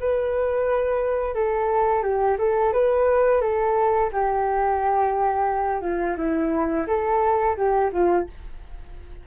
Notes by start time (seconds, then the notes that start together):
0.00 B4
1.34 A4
2.03 G4
2.39 A4
2.73 B4
3.41 A4
4.13 G4
5.82 F4
6.17 E4
6.87 A4
7.56 G4
7.92 F4